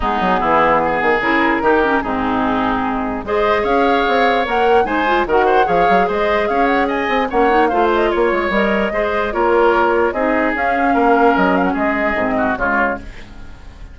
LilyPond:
<<
  \new Staff \with { instrumentName = "flute" } { \time 4/4 \tempo 4 = 148 gis'2. ais'4~ | ais'4 gis'2. | dis''4 f''2 fis''4 | gis''4 fis''4 f''4 dis''4 |
f''8 fis''8 gis''4 fis''4 f''8 dis''8 | cis''4 dis''2 cis''4~ | cis''4 dis''4 f''2 | dis''8 f''16 fis''16 dis''2 cis''4 | }
  \new Staff \with { instrumentName = "oboe" } { \time 4/4 dis'4 e'4 gis'2 | g'4 dis'2. | c''4 cis''2. | c''4 ais'8 c''8 cis''4 c''4 |
cis''4 dis''4 cis''4 c''4 | cis''2 c''4 ais'4~ | ais'4 gis'2 ais'4~ | ais'4 gis'4. fis'8 f'4 | }
  \new Staff \with { instrumentName = "clarinet" } { \time 4/4 b2. e'4 | dis'8 cis'8 c'2. | gis'2. ais'4 | dis'8 f'8 fis'4 gis'2~ |
gis'2 cis'8 dis'8 f'4~ | f'4 ais'4 gis'4 f'4~ | f'4 dis'4 cis'2~ | cis'2 c'4 gis4 | }
  \new Staff \with { instrumentName = "bassoon" } { \time 4/4 gis8 fis8 e4. dis8 cis4 | dis4 gis,2. | gis4 cis'4 c'4 ais4 | gis4 dis4 f8 fis8 gis4 |
cis'4. c'8 ais4 a4 | ais8 gis8 g4 gis4 ais4~ | ais4 c'4 cis'4 ais4 | fis4 gis4 gis,4 cis4 | }
>>